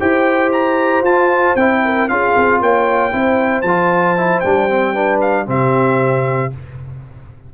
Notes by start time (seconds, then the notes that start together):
0.00 E4 G4 C5 G5
0.52 A#5
1.02 F4 A5
1.56 C4 E4 G5
1.85 A#4
2.09 C#4 F4 G#4 F5
2.37 C4
2.61 A#3 C#5 G5
3.12 C4 E4 C5
3.62 F3 F4 A5
4.17 E4
4.40 G3 D4 G5
4.70 C4
4.93 D4 B4
5.21 F5
5.46 C3 C4 G4 E5